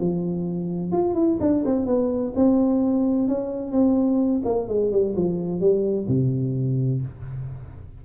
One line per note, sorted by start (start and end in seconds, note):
0.00 0.92 F3
0.92 1.14 F4
1.14 1.38 E4
1.40 1.64 D4
1.65 1.86 C4
1.86 2.33 B3
2.36 3.28 C4
3.28 3.72 C#4
3.72 4.42 C4
4.45 4.68 A#3
4.68 4.92 G#3
4.92 5.15 G3
5.16 5.60 F3
5.60 6.07 G3
6.08 7.02 C3